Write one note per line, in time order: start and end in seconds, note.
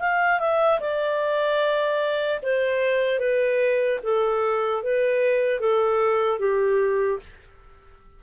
0.00 0.40 F5
0.40 0.80 E5
0.80 2.40 D5
2.43 3.19 C5
3.19 3.99 B4
4.03 4.83 A4
4.83 5.60 B4
5.60 6.39 A4
6.39 7.19 G4